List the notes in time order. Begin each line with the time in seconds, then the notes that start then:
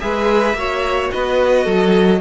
0.00 G#3 G#4 B4 E5
0.54 A#3 F#4 C#5
1.12 B3 B4 D#5
1.64 F#3 A4